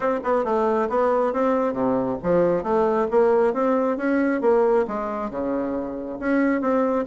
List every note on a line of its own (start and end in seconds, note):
0.00 0.19 C4
0.23 0.44 B3
0.44 0.88 A3
0.89 1.33 B3
1.33 1.73 C4
1.73 2.17 C3
2.22 2.63 F3
2.63 3.07 A3
3.10 3.53 A#3
3.53 3.97 C4
3.97 4.41 C#4
4.41 4.85 A#3
4.87 5.30 G#3
5.30 6.18 C#3
6.19 6.61 C#4
6.61 7.05 C4